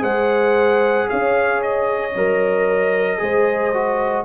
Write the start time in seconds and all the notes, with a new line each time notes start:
0.00 G#3 G#4 C5 F#5
1.09 C#4 C#5 F5
1.62 D#5
2.16 F#3 A#4
3.18 G#3 G#4 C5
3.74 F#4